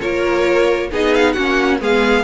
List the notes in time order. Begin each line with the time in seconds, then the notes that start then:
0.00 A#3 F4 A#4 C#5
0.92 B3 D#4 G#4 D#5
1.15 F5
1.33 A#3 C#4 F#4 F#5
1.80 G#3 B3 G#4 F5